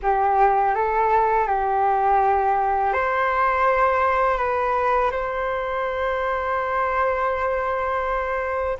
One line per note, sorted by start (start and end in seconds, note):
0.02 0.75 G4
0.75 1.47 A4
1.47 2.93 G4
2.93 4.37 C5
4.37 5.10 B4
5.11 8.77 C5